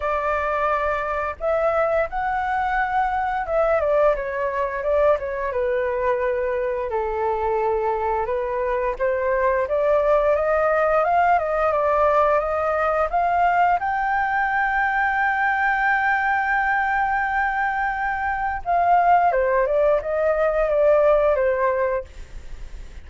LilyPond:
\new Staff \with { instrumentName = "flute" } { \time 4/4 \tempo 4 = 87 d''2 e''4 fis''4~ | fis''4 e''8 d''8 cis''4 d''8 cis''8 | b'2 a'2 | b'4 c''4 d''4 dis''4 |
f''8 dis''8 d''4 dis''4 f''4 | g''1~ | g''2. f''4 | c''8 d''8 dis''4 d''4 c''4 | }